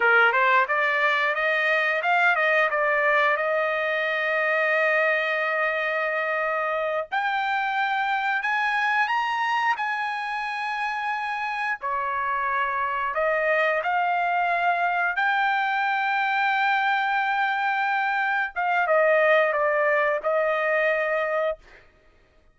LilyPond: \new Staff \with { instrumentName = "trumpet" } { \time 4/4 \tempo 4 = 89 ais'8 c''8 d''4 dis''4 f''8 dis''8 | d''4 dis''2.~ | dis''2~ dis''8 g''4.~ | g''8 gis''4 ais''4 gis''4.~ |
gis''4. cis''2 dis''8~ | dis''8 f''2 g''4.~ | g''2.~ g''8 f''8 | dis''4 d''4 dis''2 | }